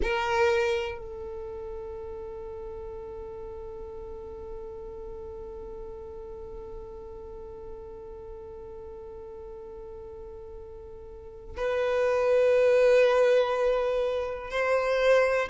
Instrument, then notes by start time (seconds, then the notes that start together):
violin
0.02 A#4
0.98 A4
11.56 B4
14.50 C5